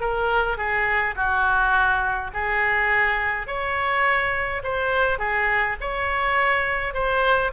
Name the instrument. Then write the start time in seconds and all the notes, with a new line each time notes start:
oboe
0.00 A#4
0.57 G#4
1.15 F#4
2.33 G#4
3.46 C#5
4.63 C5
5.18 G#4
5.80 C#5
6.94 C5